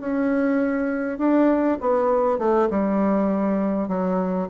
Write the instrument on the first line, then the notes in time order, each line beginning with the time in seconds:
bassoon
0.00 C#4
1.18 D4
1.81 B3
2.39 A3
2.70 G3
3.88 F#3